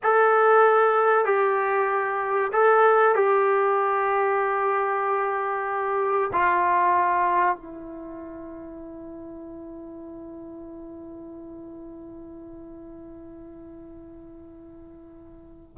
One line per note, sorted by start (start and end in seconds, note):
0.03 1.25 A4
1.25 2.51 G4
2.52 3.15 A4
3.15 6.31 G4
6.32 7.56 F4
7.56 15.77 E4